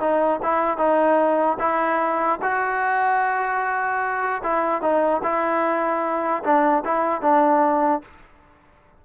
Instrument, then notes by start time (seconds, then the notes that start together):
trombone
0.00 D#4
0.43 E4
0.78 D#4
1.59 E4
2.42 F#4
4.43 E4
4.81 D#4
5.23 E4
6.43 D4
6.85 E4
7.21 D4